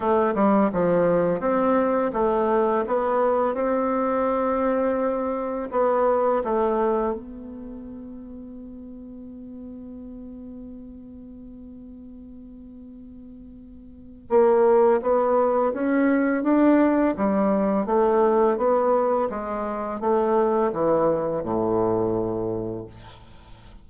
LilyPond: \new Staff \with { instrumentName = "bassoon" } { \time 4/4 \tempo 4 = 84 a8 g8 f4 c'4 a4 | b4 c'2. | b4 a4 b2~ | b1~ |
b1 | ais4 b4 cis'4 d'4 | g4 a4 b4 gis4 | a4 e4 a,2 | }